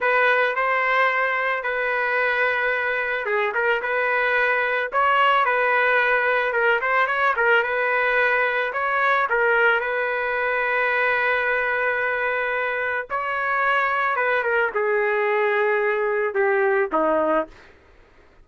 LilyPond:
\new Staff \with { instrumentName = "trumpet" } { \time 4/4 \tempo 4 = 110 b'4 c''2 b'4~ | b'2 gis'8 ais'8 b'4~ | b'4 cis''4 b'2 | ais'8 c''8 cis''8 ais'8 b'2 |
cis''4 ais'4 b'2~ | b'1 | cis''2 b'8 ais'8 gis'4~ | gis'2 g'4 dis'4 | }